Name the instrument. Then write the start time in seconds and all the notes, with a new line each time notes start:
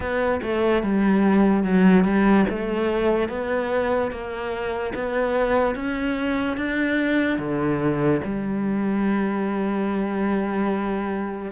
cello
0.00 B3
0.42 A3
0.82 G3
1.63 F#3
2.04 G3
2.49 A3
3.28 B3
4.11 A#3
4.94 B3
5.75 C#4
6.56 D4
7.38 D3
8.24 G3